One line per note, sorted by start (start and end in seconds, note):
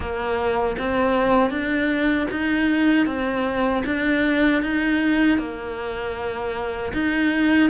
0.00 0.76 A#3
0.78 1.50 C4
1.50 2.27 D4
2.30 3.06 D#4
3.06 3.83 C4
3.85 4.62 D4
4.62 5.38 D#4
5.38 6.92 A#3
6.93 7.70 D#4